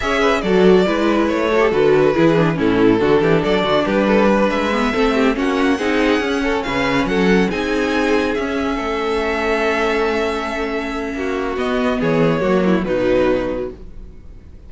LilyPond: <<
  \new Staff \with { instrumentName = "violin" } { \time 4/4 \tempo 4 = 140 e''4 d''2 cis''4 | b'2 a'2 | d''4 b'4. e''4.~ | e''8 fis''2. f''8~ |
f''8 fis''4 gis''2 e''8~ | e''1~ | e''2. dis''4 | cis''2 b'2 | }
  \new Staff \with { instrumentName = "violin" } { \time 4/4 cis''8 b'8 a'4 b'4. a'8~ | a'4 gis'4 e'4 fis'8 g'8 | a'8 fis'8 g'8 a'8 b'4. a'8 | g'8 fis'4 gis'4. a'8 b'8~ |
b'8 a'4 gis'2~ gis'8~ | gis'8 a'2.~ a'8~ | a'2 fis'2 | gis'4 fis'8 e'8 dis'2 | }
  \new Staff \with { instrumentName = "viola" } { \time 4/4 gis'4 fis'4 e'4. fis'16 g'16 | fis'4 e'8 d'8 cis'4 d'4~ | d'2. b8 c'8~ | c'8 cis'4 dis'4 cis'4.~ |
cis'4. dis'2 cis'8~ | cis'1~ | cis'2. b4~ | b4 ais4 fis2 | }
  \new Staff \with { instrumentName = "cello" } { \time 4/4 cis'4 fis4 gis4 a4 | d4 e4 a,4 d8 e8 | fis8 d8 g4. gis4 a8~ | a8 ais4 c'4 cis'4 cis8~ |
cis8 fis4 c'2 cis'8~ | cis'8 a2.~ a8~ | a2 ais4 b4 | e4 fis4 b,2 | }
>>